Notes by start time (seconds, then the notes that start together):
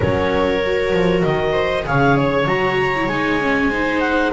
0.00 F#3 C#4 A#4 C#5
0.64 F#4
0.92 F3
1.23 D#3 D#5
1.52 C5
1.83 C#3 G#4 C#5 F5
2.17 C#5
2.45 F#3 F#4 A#5
2.96 E4
3.07 G#3 D#4 G#5
3.40 C#4
3.70 D#4 C5
4.00 F#5